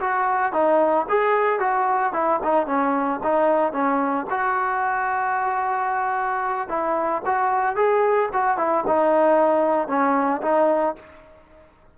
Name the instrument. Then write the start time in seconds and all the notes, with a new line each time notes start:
trombone
0.00 F#4
0.52 D#4
1.09 G#4
1.59 F#4
2.13 E4
2.43 D#4
2.66 C#4
3.23 D#4
3.72 C#4
4.30 F#4
6.68 E4
7.25 F#4
7.76 G#4
8.33 F#4
8.57 E4
8.87 D#4
9.88 C#4
10.42 D#4